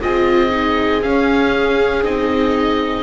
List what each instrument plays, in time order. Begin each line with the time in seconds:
0.00 double bass C4, viola F4 G#4, oboe D#5
0.50 viola D#4
1.02 viola C#4, double bass C#4, oboe F5
2.03 double bass C4, viola D#4, oboe D#5